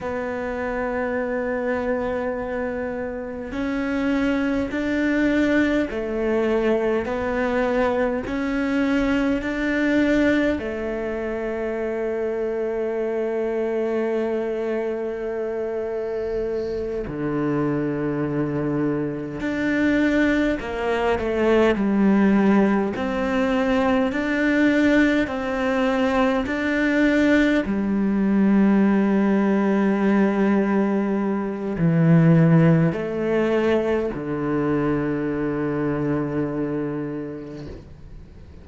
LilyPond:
\new Staff \with { instrumentName = "cello" } { \time 4/4 \tempo 4 = 51 b2. cis'4 | d'4 a4 b4 cis'4 | d'4 a2.~ | a2~ a8 d4.~ |
d8 d'4 ais8 a8 g4 c'8~ | c'8 d'4 c'4 d'4 g8~ | g2. e4 | a4 d2. | }